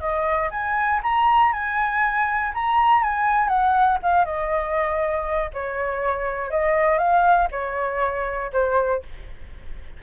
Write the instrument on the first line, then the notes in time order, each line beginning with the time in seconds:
flute
0.00 D#5
0.51 G#5
1.03 A#5
1.53 G#5
2.55 A#5
3.03 G#5
3.48 F#5
4.03 F5
4.25 D#5
5.53 C#5
6.51 D#5
6.98 F5
7.52 C#5
8.53 C5